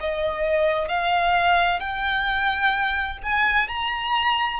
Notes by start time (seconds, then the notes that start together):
0.00 D#5
0.88 F5
1.80 G5
3.23 G#5
3.68 A#5